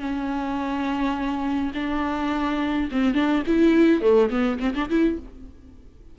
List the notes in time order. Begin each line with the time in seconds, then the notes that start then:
0.00 C#4
1.75 D4
2.92 C4
3.14 D4
3.46 E4
4.01 A3
4.30 B3
4.59 C4
4.75 D4
4.90 E4